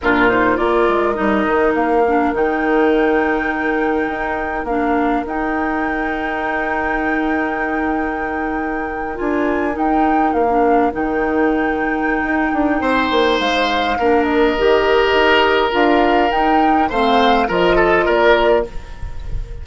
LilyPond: <<
  \new Staff \with { instrumentName = "flute" } { \time 4/4 \tempo 4 = 103 ais'8 c''8 d''4 dis''4 f''4 | g''1 | f''4 g''2.~ | g''2.~ g''8. gis''16~ |
gis''8. g''4 f''4 g''4~ g''16~ | g''2. f''4~ | f''8 dis''2~ dis''8 f''4 | g''4 f''4 dis''4 d''4 | }
  \new Staff \with { instrumentName = "oboe" } { \time 4/4 f'4 ais'2.~ | ais'1~ | ais'1~ | ais'1~ |
ais'1~ | ais'2 c''2 | ais'1~ | ais'4 c''4 ais'8 a'8 ais'4 | }
  \new Staff \with { instrumentName = "clarinet" } { \time 4/4 d'8 dis'8 f'4 dis'4. d'8 | dis'1 | d'4 dis'2.~ | dis'2.~ dis'8. f'16~ |
f'8. dis'4~ dis'16 d'8. dis'4~ dis'16~ | dis'1 | d'4 g'2 f'4 | dis'4 c'4 f'2 | }
  \new Staff \with { instrumentName = "bassoon" } { \time 4/4 ais,4 ais8 gis8 g8 dis8 ais4 | dis2. dis'4 | ais4 dis'2.~ | dis'2.~ dis'8. d'16~ |
d'8. dis'4 ais4 dis4~ dis16~ | dis4 dis'8 d'8 c'8 ais8 gis4 | ais4 dis4 dis'4 d'4 | dis'4 a4 f4 ais4 | }
>>